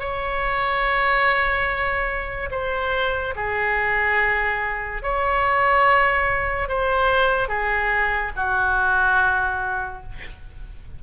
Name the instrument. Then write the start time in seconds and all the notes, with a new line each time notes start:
oboe
0.00 C#5
2.52 C5
3.36 G#4
5.03 C#5
6.69 C5
7.49 G#4
8.36 F#4